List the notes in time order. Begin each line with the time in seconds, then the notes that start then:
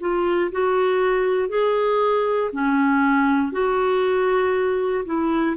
0.00 F4
0.51 F#4
1.49 G#4
2.52 C#4
3.52 F#4
5.05 E4